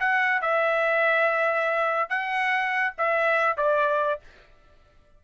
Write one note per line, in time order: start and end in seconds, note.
0.00 0.41 F#5
0.41 2.10 E5
2.10 2.94 F#5
2.98 3.57 E5
3.57 4.20 D5